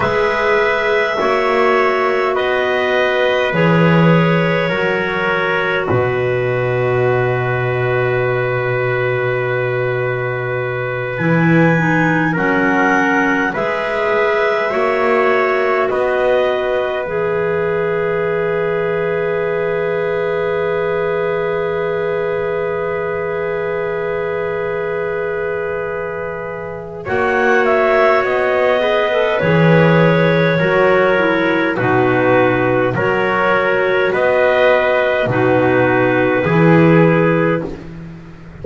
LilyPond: <<
  \new Staff \with { instrumentName = "clarinet" } { \time 4/4 \tempo 4 = 51 e''2 dis''4 cis''4~ | cis''4 dis''2.~ | dis''4. gis''4 fis''4 e''8~ | e''4. dis''4 e''4.~ |
e''1~ | e''2. fis''8 e''8 | dis''4 cis''2 b'4 | cis''4 dis''4 b'2 | }
  \new Staff \with { instrumentName = "trumpet" } { \time 4/4 b'4 cis''4 b'2 | ais'4 b'2.~ | b'2~ b'8 ais'4 b'8~ | b'8 cis''4 b'2~ b'8~ |
b'1~ | b'2. cis''4~ | cis''8 b'4. ais'4 fis'4 | ais'4 b'4 fis'4 gis'4 | }
  \new Staff \with { instrumentName = "clarinet" } { \time 4/4 gis'4 fis'2 gis'4 | fis'1~ | fis'4. e'8 dis'8 cis'4 gis'8~ | gis'8 fis'2 gis'4.~ |
gis'1~ | gis'2. fis'4~ | fis'8 gis'16 a'16 gis'4 fis'8 e'8 dis'4 | fis'2 dis'4 e'4 | }
  \new Staff \with { instrumentName = "double bass" } { \time 4/4 gis4 ais4 b4 e4 | fis4 b,2.~ | b,4. e4 fis4 gis8~ | gis8 ais4 b4 e4.~ |
e1~ | e2. ais4 | b4 e4 fis4 b,4 | fis4 b4 b,4 e4 | }
>>